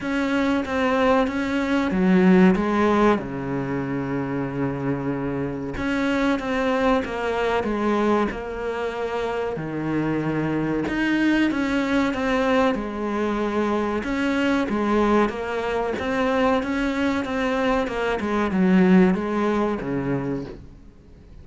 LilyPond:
\new Staff \with { instrumentName = "cello" } { \time 4/4 \tempo 4 = 94 cis'4 c'4 cis'4 fis4 | gis4 cis2.~ | cis4 cis'4 c'4 ais4 | gis4 ais2 dis4~ |
dis4 dis'4 cis'4 c'4 | gis2 cis'4 gis4 | ais4 c'4 cis'4 c'4 | ais8 gis8 fis4 gis4 cis4 | }